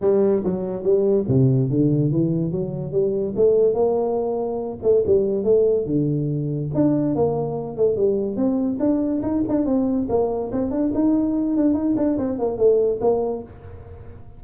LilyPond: \new Staff \with { instrumentName = "tuba" } { \time 4/4 \tempo 4 = 143 g4 fis4 g4 c4 | d4 e4 fis4 g4 | a4 ais2~ ais8 a8 | g4 a4 d2 |
d'4 ais4. a8 g4 | c'4 d'4 dis'8 d'8 c'4 | ais4 c'8 d'8 dis'4. d'8 | dis'8 d'8 c'8 ais8 a4 ais4 | }